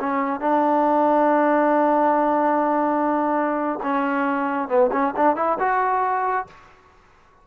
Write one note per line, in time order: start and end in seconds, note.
0.00 0.41 C#4
0.41 3.80 D4
3.84 4.69 C#4
4.69 4.91 B3
4.92 5.14 C#4
5.17 5.37 D4
5.37 5.59 E4
5.60 6.47 F#4